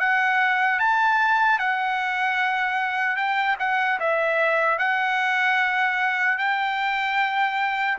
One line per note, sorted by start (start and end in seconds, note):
0.00 0.80 F#5
0.80 1.59 A5
1.59 3.16 F#5
3.16 3.56 G5
3.60 4.00 F#5
4.00 4.79 E5
4.79 6.38 F#5
6.38 7.98 G5